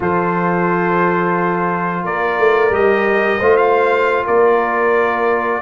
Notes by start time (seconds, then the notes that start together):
0.00 F3 F4 A4 C5
2.03 A#3 A#4 D5
2.38 A3
2.70 G3 G4 D#5
3.38 A3 F4 C5
3.56 F5
4.25 A#3 A#4 D5